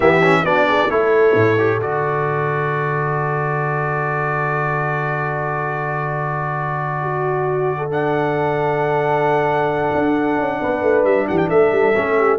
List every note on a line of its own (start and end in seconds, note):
0.00 0.43 E3
0.00 0.21 B3
0.00 0.42 G4
0.00 0.45 E5
0.22 0.45 C#4
0.43 0.88 B3
0.43 0.89 D4
0.43 0.66 F#4
0.43 0.90 D5
0.67 0.89 G#4
0.89 1.34 A3
0.89 1.57 E4
0.89 6.98 A4
0.89 1.80 C#5
1.34 1.78 A2
1.58 1.81 G4
1.78 9.90 D3
1.78 7.90 F#4
1.78 7.90 D5
7.01 7.77 F#4
7.77 10.59 A4
7.91 11.94 D4
7.91 11.04 F#5
9.94 10.38 D4
10.38 10.61 C#4
10.60 10.82 B3
10.60 11.28 B4
10.82 11.03 A3
11.03 11.26 G3
11.03 11.27 E5
11.28 11.51 E3
11.28 11.49 G4
11.28 11.37 F#5
11.37 11.48 G5
11.49 11.71 A3
11.49 12.16 A4
11.49 12.39 E5
11.71 11.94 G3
11.94 12.39 A3
11.94 12.39 C#4
12.17 12.39 G4